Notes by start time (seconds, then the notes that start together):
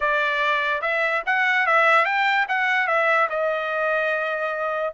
0.00 D5
0.81 E5
1.26 F#5
1.66 E5
2.05 G5
2.48 F#5
2.87 E5
3.29 D#5